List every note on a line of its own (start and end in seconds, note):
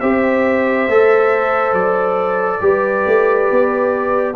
0.00 0.88 C4
0.00 0.89 G4
0.00 2.62 C5
0.00 1.74 E5
0.88 1.73 A3
0.88 2.61 A4
1.73 2.60 F#3
1.73 4.35 D5
2.61 3.05 G3
2.61 4.35 G4
2.61 4.36 B4
3.06 3.50 A3
3.51 4.36 B3